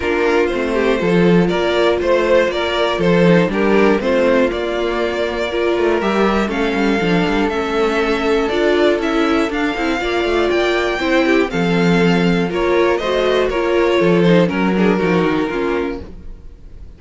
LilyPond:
<<
  \new Staff \with { instrumentName = "violin" } { \time 4/4 \tempo 4 = 120 ais'4 c''2 d''4 | c''4 d''4 c''4 ais'4 | c''4 d''2. | e''4 f''2 e''4~ |
e''4 d''4 e''4 f''4~ | f''4 g''2 f''4~ | f''4 cis''4 dis''4 cis''4~ | cis''8 c''8 ais'2. | }
  \new Staff \with { instrumentName = "violin" } { \time 4/4 f'4. g'8 a'4 ais'4 | c''4 ais'4 a'4 g'4 | f'2. ais'4~ | ais'4 a'2.~ |
a'1 | d''2 c''8 g'8 a'4~ | a'4 ais'4 c''4 ais'4 | a'4 ais'8 gis'8 fis'4 f'4 | }
  \new Staff \with { instrumentName = "viola" } { \time 4/4 d'4 c'4 f'2~ | f'2~ f'8 dis'8 d'4 | c'4 ais2 f'4 | g'4 cis'4 d'4 cis'4~ |
cis'4 f'4 e'4 d'8 e'8 | f'2 e'4 c'4~ | c'4 f'4 fis'4 f'4~ | f'8 dis'8 cis'8 d'8 dis'4 cis'4 | }
  \new Staff \with { instrumentName = "cello" } { \time 4/4 ais4 a4 f4 ais4 | a4 ais4 f4 g4 | a4 ais2~ ais8 a8 | g4 a8 g8 f8 g8 a4~ |
a4 d'4 cis'4 d'8 c'8 | ais8 a8 ais4 c'4 f4~ | f4 ais4 a4 ais4 | f4 fis4 f8 dis8 ais4 | }
>>